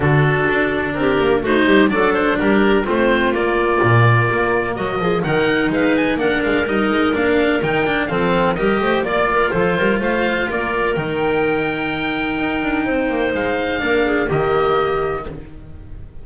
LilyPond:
<<
  \new Staff \with { instrumentName = "oboe" } { \time 4/4 \tempo 4 = 126 a'2 ais'4 c''4 | d''8 c''8 ais'4 c''4 d''4~ | d''2 dis''4 fis''4 | f''8 gis''8 fis''8 f''8 dis''4 f''4 |
g''4 f''4 dis''4 d''4 | c''4 f''4 d''4 g''4~ | g''1 | f''2 dis''2 | }
  \new Staff \with { instrumentName = "clarinet" } { \time 4/4 fis'2 g'4 fis'8 g'8 | a'4 g'4 f'2~ | f'2 fis'8 gis'8 ais'4 | b'4 ais'2.~ |
ais'4 a'4 ais'8 c''8 d''8 ais'8 | a'8 ais'8 c''4 ais'2~ | ais'2. c''4~ | c''4 ais'8 gis'8 g'2 | }
  \new Staff \with { instrumentName = "cello" } { \time 4/4 d'2. dis'4 | d'2 c'4 ais4~ | ais2. dis'4~ | dis'4 d'4 dis'4 d'4 |
dis'8 d'8 c'4 g'4 f'4~ | f'2. dis'4~ | dis'1~ | dis'4 d'4 ais2 | }
  \new Staff \with { instrumentName = "double bass" } { \time 4/4 d4 d'4 c'8 ais8 a8 g8 | fis4 g4 a4 ais4 | ais,4 ais4 fis8 f8 dis4 | gis4 ais8 gis8 g8 gis8 ais4 |
dis4 f4 g8 a8 ais4 | f8 g8 a4 ais4 dis4~ | dis2 dis'8 d'8 c'8 ais8 | gis4 ais4 dis2 | }
>>